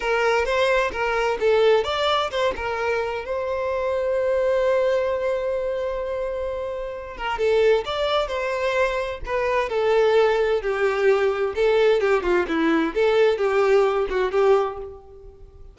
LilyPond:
\new Staff \with { instrumentName = "violin" } { \time 4/4 \tempo 4 = 130 ais'4 c''4 ais'4 a'4 | d''4 c''8 ais'4. c''4~ | c''1~ | c''2.~ c''8 ais'8 |
a'4 d''4 c''2 | b'4 a'2 g'4~ | g'4 a'4 g'8 f'8 e'4 | a'4 g'4. fis'8 g'4 | }